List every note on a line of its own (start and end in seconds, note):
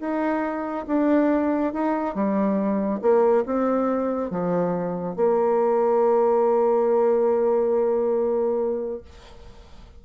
0.00 0.86 D#4
0.87 1.73 D4
1.73 2.15 D#4
2.15 3.00 G3
3.02 3.44 A#3
3.46 4.30 C4
4.30 5.16 F3
5.16 9.02 A#3